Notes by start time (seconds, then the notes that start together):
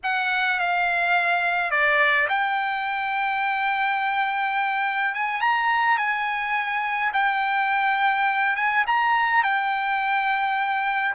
0.03 F#5
0.59 F5
1.70 D5
2.28 G5
5.14 G#5
5.41 A#5
5.97 G#5
7.13 G5
8.56 G#5
8.86 A#5
9.43 G5